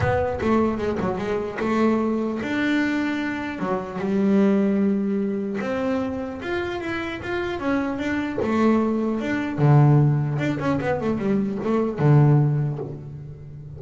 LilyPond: \new Staff \with { instrumentName = "double bass" } { \time 4/4 \tempo 4 = 150 b4 a4 gis8 fis8 gis4 | a2 d'2~ | d'4 fis4 g2~ | g2 c'2 |
f'4 e'4 f'4 cis'4 | d'4 a2 d'4 | d2 d'8 cis'8 b8 a8 | g4 a4 d2 | }